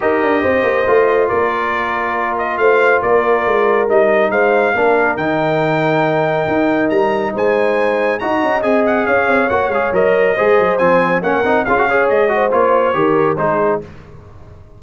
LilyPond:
<<
  \new Staff \with { instrumentName = "trumpet" } { \time 4/4 \tempo 4 = 139 dis''2. d''4~ | d''4. dis''8 f''4 d''4~ | d''4 dis''4 f''2 | g''1 |
ais''4 gis''2 ais''4 | gis''8 fis''8 f''4 fis''8 f''8 dis''4~ | dis''4 gis''4 fis''4 f''4 | dis''4 cis''2 c''4 | }
  \new Staff \with { instrumentName = "horn" } { \time 4/4 ais'4 c''2 ais'4~ | ais'2 c''4 ais'4~ | ais'2 c''4 ais'4~ | ais'1~ |
ais'4 c''2 dis''4~ | dis''4 cis''2. | c''2 ais'4 gis'8 cis''8~ | cis''8 c''4. ais'4 gis'4 | }
  \new Staff \with { instrumentName = "trombone" } { \time 4/4 g'2 f'2~ | f'1~ | f'4 dis'2 d'4 | dis'1~ |
dis'2. fis'4 | gis'2 fis'8 gis'8 ais'4 | gis'4 c'4 cis'8 dis'8 f'16 fis'16 gis'8~ | gis'8 fis'8 f'4 g'4 dis'4 | }
  \new Staff \with { instrumentName = "tuba" } { \time 4/4 dis'8 d'8 c'8 ais8 a4 ais4~ | ais2 a4 ais4 | gis4 g4 gis4 ais4 | dis2. dis'4 |
g4 gis2 dis'8 cis'8 | c'4 cis'8 c'8 ais8 gis8 fis4 | gis8 fis8 f4 ais8 c'8 cis'4 | gis4 ais4 dis4 gis4 | }
>>